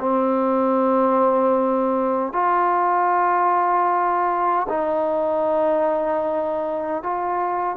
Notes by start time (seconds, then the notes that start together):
0.00 C4
2.33 F4
4.69 D#4
7.03 F4